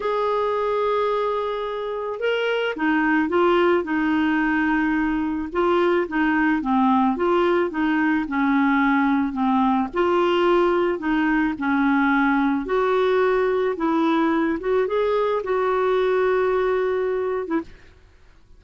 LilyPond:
\new Staff \with { instrumentName = "clarinet" } { \time 4/4 \tempo 4 = 109 gis'1 | ais'4 dis'4 f'4 dis'4~ | dis'2 f'4 dis'4 | c'4 f'4 dis'4 cis'4~ |
cis'4 c'4 f'2 | dis'4 cis'2 fis'4~ | fis'4 e'4. fis'8 gis'4 | fis'2.~ fis'8. e'16 | }